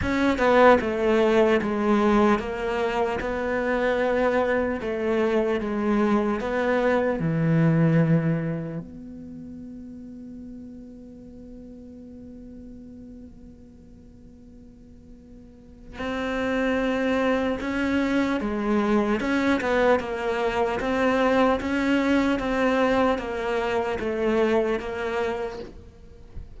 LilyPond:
\new Staff \with { instrumentName = "cello" } { \time 4/4 \tempo 4 = 75 cis'8 b8 a4 gis4 ais4 | b2 a4 gis4 | b4 e2 b4~ | b1~ |
b1 | c'2 cis'4 gis4 | cis'8 b8 ais4 c'4 cis'4 | c'4 ais4 a4 ais4 | }